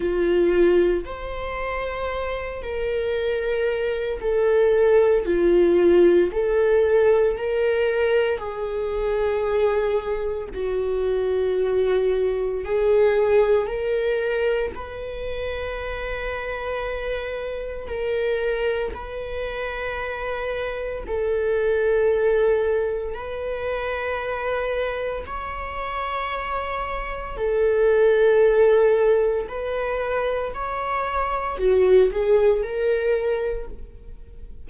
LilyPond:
\new Staff \with { instrumentName = "viola" } { \time 4/4 \tempo 4 = 57 f'4 c''4. ais'4. | a'4 f'4 a'4 ais'4 | gis'2 fis'2 | gis'4 ais'4 b'2~ |
b'4 ais'4 b'2 | a'2 b'2 | cis''2 a'2 | b'4 cis''4 fis'8 gis'8 ais'4 | }